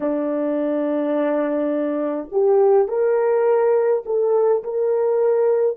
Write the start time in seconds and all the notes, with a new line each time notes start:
0.00 D4
2.31 G4
2.88 A#4
4.05 A4
4.63 A#4